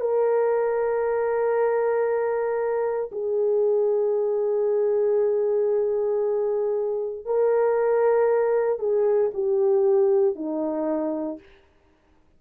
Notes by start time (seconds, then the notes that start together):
0.00 A#4
3.12 G#4
7.25 A#4
8.79 G#4
9.33 G4
10.35 D#4